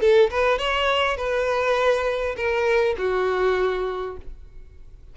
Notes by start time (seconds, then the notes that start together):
0.00 A4
0.30 B4
0.58 C#5
1.16 B4
2.36 A#4
2.98 F#4